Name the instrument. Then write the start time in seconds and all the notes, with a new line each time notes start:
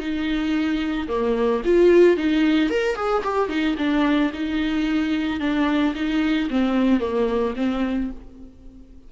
viola
0.00 D#4
1.08 A#3
1.65 F4
2.17 D#4
2.70 A#4
2.96 G#4
3.24 G4
3.49 D#4
3.78 D4
4.34 D#4
5.40 D4
5.95 D#4
6.50 C4
7.00 A#3
7.57 C4